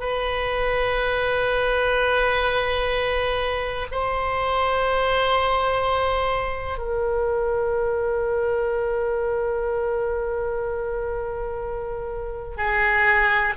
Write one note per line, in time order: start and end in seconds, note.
0.00 3.87 B4
3.91 6.78 C5
6.78 12.57 A#4
12.57 13.54 G#4